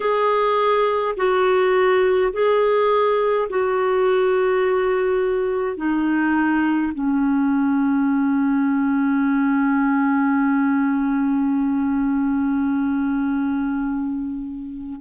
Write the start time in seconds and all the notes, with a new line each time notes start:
0.00 G#4
1.16 F#4
2.32 G#4
3.49 F#4
5.76 D#4
6.93 C#4